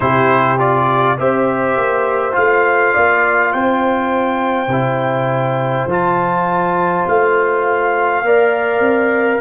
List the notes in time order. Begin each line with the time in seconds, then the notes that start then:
0.00 C3 E4 G4 C5
0.58 F4 D5
1.17 C4 G4 C5 E5
1.76 A#3
2.31 A3 F4 F5
2.93 A#3 D5
3.52 C4 C5 G5
4.67 C3 E4
5.86 F3 F4 A5
7.07 A3 F5
8.22 A#3 A#4 D5
8.80 C4